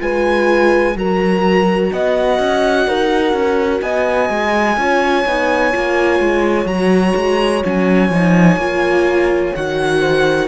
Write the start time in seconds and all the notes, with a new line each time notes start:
0.00 G#3 F4 B4 G#5
0.96 F#3 F#4 A#4 A#5
1.93 B3 D#5 F#5
2.39 C#4
2.88 D#4 A#4
3.33 C#4
3.82 B3 D#5 G#5
4.30 G#3
4.78 C#4 F4 C#5
5.26 B3 D#4
5.73 A#3 F4
6.20 G#3
6.66 F#3 F#4 A#5
7.16 G#3
7.64 F#3 C#4 G#5
8.10 F3 D#4
8.57 A#3 F4
9.55 D#3 F#4 F#5
10.01 C5